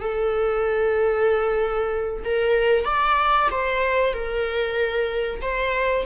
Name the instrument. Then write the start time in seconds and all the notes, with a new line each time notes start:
viola
0.00 A4
2.24 A#4
2.85 D5
3.50 C5
4.13 A#4
5.41 C5